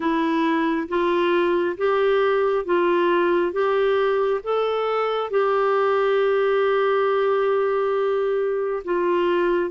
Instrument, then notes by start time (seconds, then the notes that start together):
clarinet
0.00 E4
0.88 F4
1.76 G4
2.65 F4
3.52 G4
4.44 A4
5.30 G4
8.84 F4